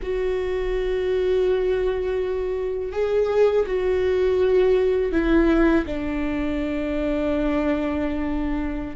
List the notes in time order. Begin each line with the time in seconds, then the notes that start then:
0.02 F#4
2.92 G#4
3.66 F#4
5.12 E4
5.85 D4